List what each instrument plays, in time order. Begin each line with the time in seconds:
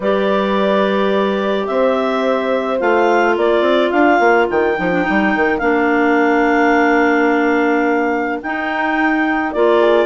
0.00 bassoon G3, clarinet G4 D5, horn B4
1.67 bassoon C4, horn C5, clarinet E5
2.79 bassoon A3, clarinet F4 F5
3.36 bassoon A#3, horn A#4, clarinet D5
3.61 bassoon C4
3.90 bassoon D4, clarinet F5
4.19 bassoon A#3
4.50 bassoon D#3, clarinet G5
4.76 bassoon F3, clarinet D#4
4.91 clarinet D4
5.02 clarinet D#4
5.08 bassoon G3
5.35 bassoon D#3
5.58 bassoon A#3, clarinet D4 F5
8.42 bassoon D#4, clarinet D#4 G5
9.51 bassoon A#3, clarinet F4 D5
9.79 horn G#4